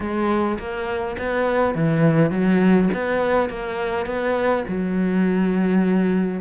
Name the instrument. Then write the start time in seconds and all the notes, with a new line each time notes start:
cello
0.00 G#3
0.58 A#3
1.18 B3
1.74 E3
2.30 F#3
2.93 B3
3.49 A#3
4.06 B3
4.68 F#3